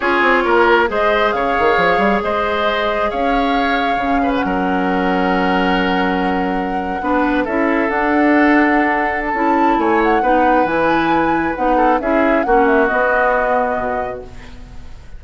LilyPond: <<
  \new Staff \with { instrumentName = "flute" } { \time 4/4 \tempo 4 = 135 cis''2 dis''4 f''4~ | f''4 dis''2 f''4~ | f''4.~ f''16 fis''2~ fis''16~ | fis''1~ |
fis''8. e''4 fis''2~ fis''16~ | fis''8. a''4~ a''16 gis''8 fis''4. | gis''2 fis''4 e''4 | fis''8 e''8 dis''2. | }
  \new Staff \with { instrumentName = "oboe" } { \time 4/4 gis'4 ais'4 c''4 cis''4~ | cis''4 c''2 cis''4~ | cis''4. b'8 ais'2~ | ais'2.~ ais'8. b'16~ |
b'8. a'2.~ a'16~ | a'2 cis''4 b'4~ | b'2~ b'8 a'8 gis'4 | fis'1 | }
  \new Staff \with { instrumentName = "clarinet" } { \time 4/4 f'2 gis'2~ | gis'1~ | gis'4 cis'2.~ | cis'2.~ cis'8. d'16~ |
d'8. e'4 d'2~ d'16~ | d'4 e'2 dis'4 | e'2 dis'4 e'4 | cis'4 b2. | }
  \new Staff \with { instrumentName = "bassoon" } { \time 4/4 cis'8 c'8 ais4 gis4 cis8 dis8 | f8 g8 gis2 cis'4~ | cis'4 cis4 fis2~ | fis2.~ fis8. b16~ |
b8. cis'4 d'2~ d'16~ | d'4 cis'4 a4 b4 | e2 b4 cis'4 | ais4 b2 b,4 | }
>>